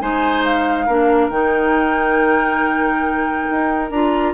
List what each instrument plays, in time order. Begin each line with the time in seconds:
0.00 bassoon G#3, clarinet D#4, oboe C5, flute G#5
0.44 flute F5
0.86 bassoon A#3, clarinet D4, oboe A#4
1.29 bassoon D#3, clarinet D#4, flute G5
3.51 bassoon D#4
3.90 bassoon D4, clarinet F4, flute A#5